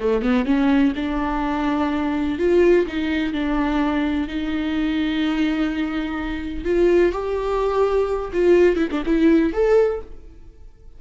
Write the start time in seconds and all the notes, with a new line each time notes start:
0.00 A3
0.23 B3
0.46 C#4
0.96 D4
2.39 F4
2.87 D#4
3.34 D4
4.28 D#4
6.65 F4
7.12 G4
8.34 F4
8.77 E4
8.92 D4
9.06 E4
9.53 A4